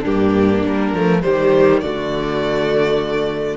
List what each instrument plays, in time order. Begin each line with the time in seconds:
0.00 cello G2, viola A#3, violin D4 G4
0.65 cello G3, violin A#4
0.93 cello F3, viola A3
1.21 cello D#3, viola G3, violin G4 C5
1.80 cello D3, viola A3, violin F#4 D5